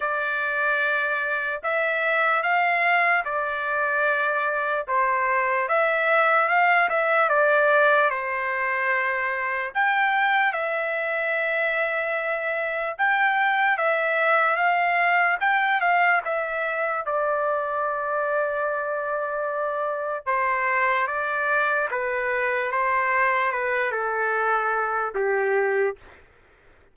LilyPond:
\new Staff \with { instrumentName = "trumpet" } { \time 4/4 \tempo 4 = 74 d''2 e''4 f''4 | d''2 c''4 e''4 | f''8 e''8 d''4 c''2 | g''4 e''2. |
g''4 e''4 f''4 g''8 f''8 | e''4 d''2.~ | d''4 c''4 d''4 b'4 | c''4 b'8 a'4. g'4 | }